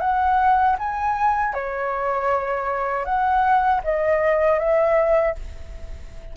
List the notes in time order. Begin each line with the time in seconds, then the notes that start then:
0.00 F#5
0.78 G#5
1.54 C#5
3.04 F#5
3.83 D#5
4.59 E5